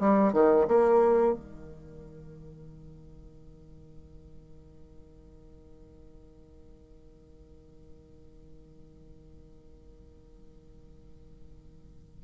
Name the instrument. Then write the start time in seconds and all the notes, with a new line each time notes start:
bassoon
0.00 G3
0.33 D#3
0.68 A#3
1.34 D#3